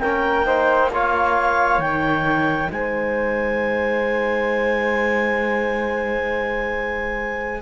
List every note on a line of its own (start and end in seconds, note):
0.00 1.78 A#3
0.00 0.46 C#4
0.00 0.45 A#4
0.00 0.90 G5
0.46 0.90 D#4
0.46 0.90 C5
0.93 1.82 F4
0.93 2.69 C#5
0.93 1.80 F5
1.78 2.68 D#3
1.78 7.62 D#4
1.78 2.70 G5
2.69 7.62 G#3
2.69 7.62 C5
2.69 7.62 G#5